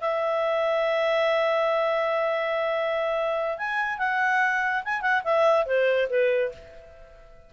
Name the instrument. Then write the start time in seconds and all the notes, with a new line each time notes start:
clarinet
0.00 E5
3.58 G#5
3.98 F#5
4.84 G#5
5.01 F#5
5.24 E5
5.66 C5
6.09 B4